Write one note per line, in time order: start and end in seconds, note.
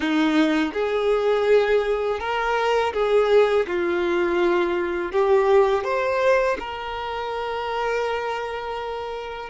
0.00 0.72 D#4
0.73 2.19 G#4
2.19 2.92 A#4
2.93 3.66 G#4
3.67 5.12 F4
5.12 5.84 G4
5.84 6.57 C5
6.59 9.49 A#4